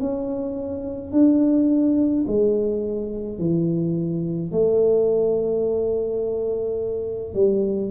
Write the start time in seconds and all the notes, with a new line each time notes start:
0.00 C#4
1.12 D4
2.27 G#3
3.39 E3
4.52 A3
7.34 G3